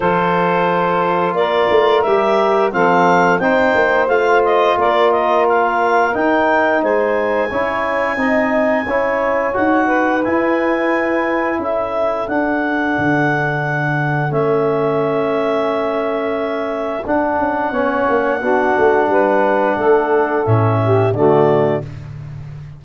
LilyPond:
<<
  \new Staff \with { instrumentName = "clarinet" } { \time 4/4 \tempo 4 = 88 c''2 d''4 e''4 | f''4 g''4 f''8 dis''8 d''8 dis''8 | f''4 g''4 gis''2~ | gis''2 fis''4 gis''4~ |
gis''4 e''4 fis''2~ | fis''4 e''2.~ | e''4 fis''2.~ | fis''2 e''4 d''4 | }
  \new Staff \with { instrumentName = "saxophone" } { \time 4/4 a'2 ais'2 | a'4 c''2 ais'4~ | ais'2 c''4 cis''4 | dis''4 cis''4. b'4.~ |
b'4 a'2.~ | a'1~ | a'2 cis''4 fis'4 | b'4 a'4. g'8 fis'4 | }
  \new Staff \with { instrumentName = "trombone" } { \time 4/4 f'2. g'4 | c'4 dis'4 f'2~ | f'4 dis'2 e'4 | dis'4 e'4 fis'4 e'4~ |
e'2 d'2~ | d'4 cis'2.~ | cis'4 d'4 cis'4 d'4~ | d'2 cis'4 a4 | }
  \new Staff \with { instrumentName = "tuba" } { \time 4/4 f2 ais8 a8 g4 | f4 c'8 ais8 a4 ais4~ | ais4 dis'4 gis4 cis'4 | c'4 cis'4 dis'4 e'4~ |
e'4 cis'4 d'4 d4~ | d4 a2.~ | a4 d'8 cis'8 b8 ais8 b8 a8 | g4 a4 a,4 d4 | }
>>